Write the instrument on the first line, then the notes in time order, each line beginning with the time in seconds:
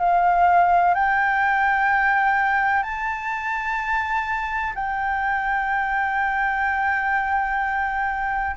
flute
0.00 F5
0.95 G5
2.83 A5
4.75 G5